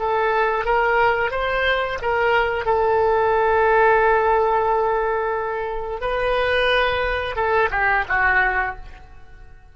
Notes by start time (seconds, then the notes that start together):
0.00 A4
0.66 A#4
1.31 C5
2.02 A#4
2.66 A4
6.01 B4
7.36 A4
7.71 G4
8.09 F#4